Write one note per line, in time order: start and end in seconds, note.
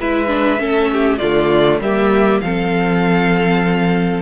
0.00 0.59 G#3
0.00 0.28 E4
0.00 0.61 B4
0.00 1.18 E5
0.28 0.58 D4
0.59 1.20 A3
0.59 1.19 C#4
0.59 0.91 A4
0.93 1.19 G4
1.18 1.80 D3
1.18 1.83 A3
1.18 1.79 F4
1.18 1.79 D5
1.80 2.41 G3
1.80 2.43 A#3
1.80 2.43 G4
1.80 2.41 E5
2.41 4.22 F3
2.41 4.22 C4
2.41 4.22 A4
2.41 4.22 F5